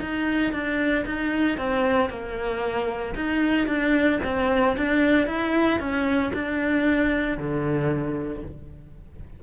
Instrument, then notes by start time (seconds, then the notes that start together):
cello
0.00 D#4
0.52 D4
1.06 D#4
1.58 C4
2.10 A#3
3.15 D#4
3.67 D4
4.24 C4
4.77 D4
5.27 E4
5.79 C#4
6.33 D4
7.38 D3